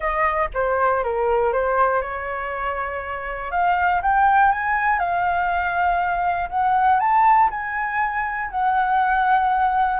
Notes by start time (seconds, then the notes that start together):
0.00 D#5
0.54 C5
1.03 A#4
1.52 C5
2.01 C#5
3.51 F5
4.01 G5
4.51 G#5
4.99 F5
6.49 F#5
6.99 A5
7.50 G#5
8.50 F#5